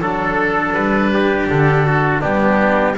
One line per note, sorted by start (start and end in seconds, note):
0.00 0.73 F#3
0.00 2.21 D4
0.00 1.11 A4
0.00 0.73 A4
0.73 1.47 G3
0.73 1.47 B4
1.13 1.86 G4
1.49 2.23 D3
1.49 2.22 A4
1.86 2.20 F#4
2.20 2.97 G3
2.20 2.95 B3
2.20 2.94 D4
2.20 2.96 G4